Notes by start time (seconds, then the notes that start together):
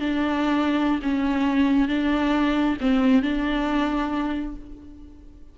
0.00 D4
1.02 C#4
1.88 D4
2.80 C4
3.22 D4